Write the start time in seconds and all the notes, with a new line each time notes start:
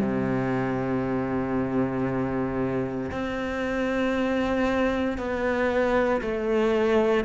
0.00 C3
3.11 C4
5.17 B3
6.21 A3